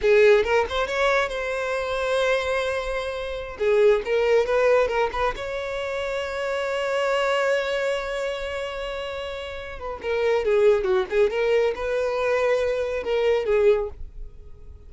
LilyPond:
\new Staff \with { instrumentName = "violin" } { \time 4/4 \tempo 4 = 138 gis'4 ais'8 c''8 cis''4 c''4~ | c''1~ | c''16 gis'4 ais'4 b'4 ais'8 b'16~ | b'16 cis''2.~ cis''8.~ |
cis''1~ | cis''2~ cis''8 b'8 ais'4 | gis'4 fis'8 gis'8 ais'4 b'4~ | b'2 ais'4 gis'4 | }